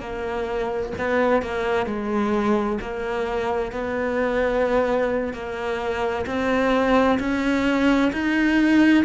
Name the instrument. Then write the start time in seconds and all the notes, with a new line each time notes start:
cello
0.00 A#3
0.98 B3
1.42 A#3
1.86 G#3
2.81 A#3
3.71 B3
5.33 A#3
6.26 C4
7.19 C#4
8.12 D#4